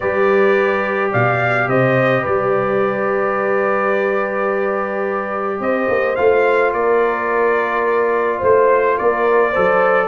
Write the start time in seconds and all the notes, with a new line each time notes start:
0.00 G3 G4 B4 D5
1.11 B2 D5 F5
1.68 C3 C5 D#5
2.22 G3 B4 D5
5.59 C4 C5 D#5
5.88 A#3
6.15 A3 F4 F5
6.72 A#3 A#4 D5
8.38 A3 C5
8.96 A#3 A#4 D5
9.49 A4 C5
9.56 F#3